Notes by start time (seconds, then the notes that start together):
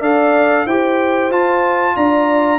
0.00 D4 A4 D5 F5
0.65 E4 G4 C5 G5
1.30 F4 A5
1.96 D4 D5 A#5